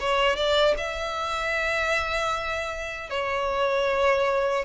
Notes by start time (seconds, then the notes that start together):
0.00 C#5
0.36 D5
0.77 E5
3.10 C#5